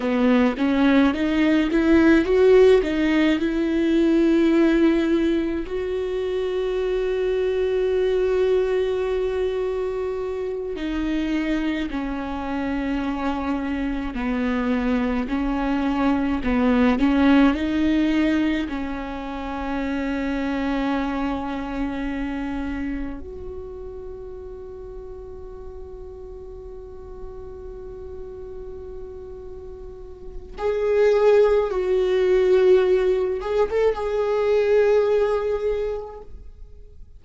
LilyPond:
\new Staff \with { instrumentName = "viola" } { \time 4/4 \tempo 4 = 53 b8 cis'8 dis'8 e'8 fis'8 dis'8 e'4~ | e'4 fis'2.~ | fis'4. dis'4 cis'4.~ | cis'8 b4 cis'4 b8 cis'8 dis'8~ |
dis'8 cis'2.~ cis'8~ | cis'8 fis'2.~ fis'8~ | fis'2. gis'4 | fis'4. gis'16 a'16 gis'2 | }